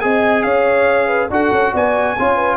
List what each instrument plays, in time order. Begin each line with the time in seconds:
0.00 tuba C4, trombone G#4, horn D#5, trumpet G#5
0.43 tuba C#4, horn C#5, trumpet F5
1.07 horn B4
1.30 tuba D4, trombone F#4, horn A4, trumpet F#5
1.52 tuba C#4
1.73 tuba B3, horn D5, trumpet G#5
2.19 tuba C#4, trombone F4, horn C#5
2.35 horn B4